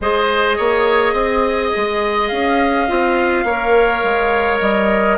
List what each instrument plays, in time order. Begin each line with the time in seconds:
0.00 bassoon G#3, clarinet G#4, oboe C5, flute D#5
0.57 bassoon A#3, oboe C#5
1.13 bassoon C4, oboe D#5
1.76 bassoon G#3
2.27 bassoon C#4, flute F5
2.88 bassoon C4, clarinet F4
3.44 bassoon A#3, clarinet A#4, oboe C#5
4.03 bassoon G#3
4.59 bassoon G3, flute D#5